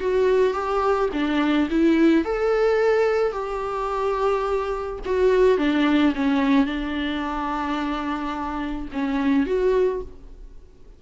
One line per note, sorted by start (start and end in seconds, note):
0.00 0.53 F#4
0.53 1.09 G4
1.13 1.68 D4
1.70 2.24 E4
2.24 3.32 A4
3.32 4.98 G4
5.05 5.57 F#4
5.57 6.13 D4
6.15 6.65 C#4
6.65 8.88 D4
8.92 9.46 C#4
9.46 10.02 F#4